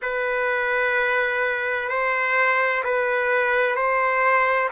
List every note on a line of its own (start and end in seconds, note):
0.02 1.89 B4
1.89 2.83 C5
2.84 3.75 B4
3.75 4.69 C5